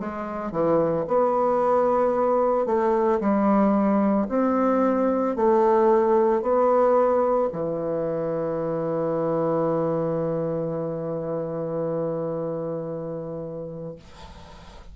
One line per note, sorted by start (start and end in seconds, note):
0.00 0.52 G#3
0.52 1.05 E3
1.08 2.66 B3
2.66 3.20 A3
3.20 4.28 G3
4.29 5.36 C4
5.36 6.42 A3
6.42 7.50 B3
7.53 13.96 E3